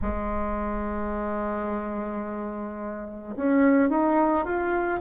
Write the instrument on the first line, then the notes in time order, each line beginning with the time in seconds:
bassoon
0.02 G#3
3.36 C#4
3.89 D#4
4.44 F4